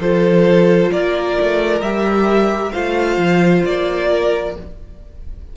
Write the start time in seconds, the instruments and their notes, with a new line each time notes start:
0.00 cello F3, viola F4, violin A4 C5
0.92 cello A#3, violin A#4 D5
1.41 cello A3
1.81 cello G3, viola G4, violin E5
2.72 cello A3, viola F4, violin C5 F5
3.18 cello F3
3.66 cello A#3, violin D5
4.11 violin A#4